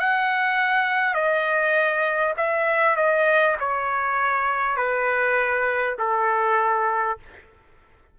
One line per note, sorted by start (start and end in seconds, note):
0.00 1.14 F#5
1.14 2.34 D#5
2.37 2.96 E5
2.96 3.56 D#5
3.60 4.76 C#5
4.76 5.96 B4
5.98 7.18 A4